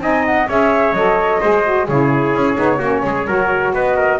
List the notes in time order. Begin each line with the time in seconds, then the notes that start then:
0.00 C4 D#4 D#5 G#5
0.25 F#5
0.48 C#4 G#4 C#5 E5
0.92 F#3 A4 D#5
1.41 G#3 G#4 C5
1.64 F#4
1.87 C#3 E4 G#4 C#5
2.33 C#4
2.55 B3 D#4
2.78 A#3 C#4 F#4
3.04 G#3 G#4
3.26 F#3 F#4 A#4
3.73 B3 B4 D#5
3.96 A#4